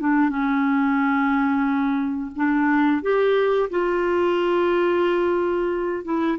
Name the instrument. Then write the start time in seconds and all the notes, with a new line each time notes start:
clarinet
0.00 D4
0.29 C#4
2.35 D4
3.02 G4
3.70 F4
6.04 E4